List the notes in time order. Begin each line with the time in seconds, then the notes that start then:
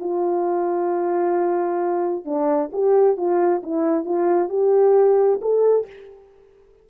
0.00 F4
2.25 D4
2.72 G4
3.17 F4
3.63 E4
4.05 F4
4.49 G4
5.41 A4